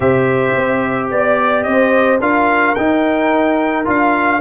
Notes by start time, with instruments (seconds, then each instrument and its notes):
0.00 tuba C3, trombone G4, horn C5, trumpet E5
0.56 tuba C4
1.10 tuba B3, trumpet D5, horn D5
1.63 tuba C4, horn C5, trumpet D#5
2.20 tuba D4, trombone F4, horn A#4, trumpet F5
2.75 tuba D#4, trombone D#4, trumpet G5
3.84 tuba D4, trombone F4, trumpet F5